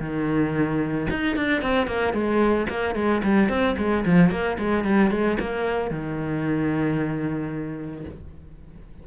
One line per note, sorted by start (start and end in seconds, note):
0.00 1.07 D#3
1.10 1.36 D#4
1.36 1.61 D4
1.61 1.87 C4
1.87 2.13 A#3
2.13 2.67 G#3
2.69 2.95 A#3
2.95 3.22 G#3
3.23 3.49 G3
3.49 3.75 C4
3.77 4.04 G#3
4.05 4.30 F3
4.30 4.57 A#3
4.58 4.84 G#3
4.84 5.11 G3
5.11 5.38 G#3
5.39 5.91 A#3
5.91 8.05 D#3